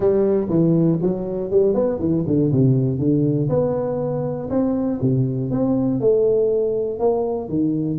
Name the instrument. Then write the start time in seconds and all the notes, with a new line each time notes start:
tuba
0.00 G3
0.49 E3
1.01 F#3
1.50 G3
1.74 B3
1.99 E3
2.26 D3
2.52 C3
2.98 D3
3.49 B3
4.50 C4
5.01 C3
5.50 C4
6.00 A3
6.99 A#3
7.49 D#3